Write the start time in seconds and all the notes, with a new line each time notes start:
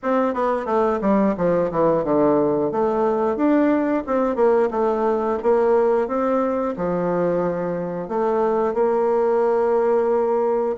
0.02 C4
0.34 B3
0.65 A3
1.01 G3
1.37 F3
1.71 E3
2.04 D3
2.71 A3
3.36 D4
4.06 C4
4.35 A#3
4.70 A3
5.42 A#3
6.07 C4
6.76 F3
8.08 A3
8.73 A#3